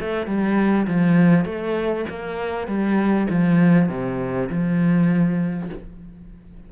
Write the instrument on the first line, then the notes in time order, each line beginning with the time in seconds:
cello
0.00 A3
0.27 G3
0.87 F3
1.45 A3
2.09 A#3
2.68 G3
3.30 F3
3.89 C3
4.50 F3